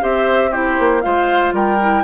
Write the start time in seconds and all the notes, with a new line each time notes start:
0.00 C4 G4 C5 E5
0.50 E4 G4 C5
0.79 A#3
1.01 G#3 F4 C5 F5
1.53 G3 A#4 G5
1.80 E4